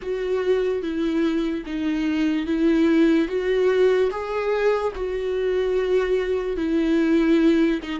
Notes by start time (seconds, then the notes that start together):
0.02 F#4
0.82 E4
1.66 D#4
2.46 E4
3.28 F#4
4.10 G#4
4.95 F#4
6.56 E4
7.82 D#4